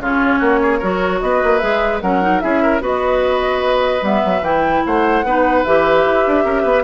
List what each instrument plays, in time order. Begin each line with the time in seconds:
0.00 bassoon C#3, clarinet C#4, oboe F4, flute C#5
0.39 bassoon A#3, oboe F#4
0.62 oboe G#4
0.79 bassoon F#3, clarinet F#4, oboe A#4
1.21 bassoon B3, oboe B4, flute D#5
1.43 bassoon A#3
1.58 bassoon G#3, clarinet G#4, flute E5
2.01 bassoon F#3, clarinet C#4, oboe A#4, flute F#5
2.22 clarinet D#4
2.40 bassoon C#4, clarinet E4, oboe G#4, flute E5
2.63 oboe A#4
2.81 bassoon B3, clarinet F#4, oboe B4, flute D#5
4.02 bassoon G3, clarinet B3, flute E5
4.25 bassoon F#3
4.41 bassoon E3, clarinet E4, flute G5
4.86 bassoon A3, oboe C5, flute F#5
5.24 bassoon B3, clarinet D#4, oboe B4
5.64 bassoon E3, clarinet G4, flute E5
6.05 bassoon E4
6.27 bassoon D4
6.45 bassoon C#4, oboe A#4
6.62 bassoon B3, oboe B4